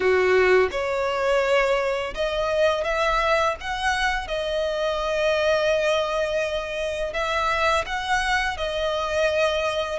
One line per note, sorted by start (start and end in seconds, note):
0.00 0.69 F#4
0.71 2.14 C#5
2.14 2.84 D#5
2.84 3.55 E5
3.60 4.27 F#5
4.27 7.13 D#5
7.13 7.84 E5
7.86 8.57 F#5
8.57 9.99 D#5